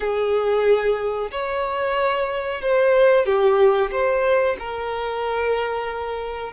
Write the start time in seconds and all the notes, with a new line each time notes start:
0.00 G#4
1.31 C#5
2.61 C5
3.25 G4
3.91 C5
4.59 A#4